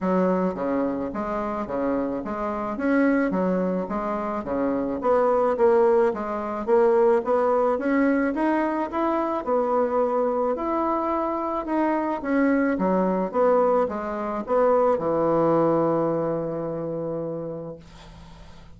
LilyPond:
\new Staff \with { instrumentName = "bassoon" } { \time 4/4 \tempo 4 = 108 fis4 cis4 gis4 cis4 | gis4 cis'4 fis4 gis4 | cis4 b4 ais4 gis4 | ais4 b4 cis'4 dis'4 |
e'4 b2 e'4~ | e'4 dis'4 cis'4 fis4 | b4 gis4 b4 e4~ | e1 | }